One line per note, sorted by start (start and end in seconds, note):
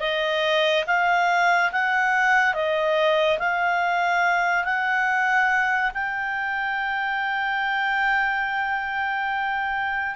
0.00 0.85 D#5
0.87 1.71 F5
1.72 2.54 F#5
2.54 3.38 D#5
3.39 4.64 F5
4.64 5.91 F#5
5.94 10.16 G5